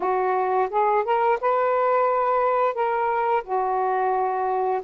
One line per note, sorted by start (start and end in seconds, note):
0.00 0.69 F#4
0.70 1.04 G#4
1.04 1.38 A#4
1.40 2.74 B4
2.74 3.43 A#4
3.43 4.81 F#4